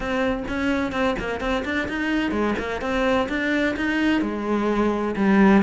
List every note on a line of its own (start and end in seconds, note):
0.00 0.43 C4
0.48 0.91 C#4
0.91 1.15 C4
1.19 1.40 A#3
1.40 1.63 C4
1.64 1.88 D4
1.88 2.31 D#4
2.31 2.54 G#3
2.58 2.81 A#3
2.81 3.28 C4
3.28 3.75 D4
3.76 4.21 D#4
4.21 5.15 G#3
5.16 5.62 G3